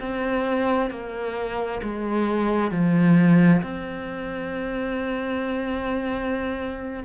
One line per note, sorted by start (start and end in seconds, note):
0.00 0.90 C4
0.90 1.81 A#3
1.83 2.71 G#3
2.71 3.62 F3
3.62 7.03 C4